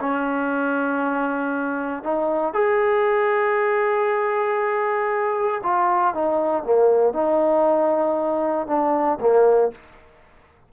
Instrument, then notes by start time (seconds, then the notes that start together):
trombone
0.00 C#4
2.03 D#4
2.54 G#4
5.63 F4
6.14 D#4
6.64 A#3
7.13 D#4
8.68 D4
9.21 A#3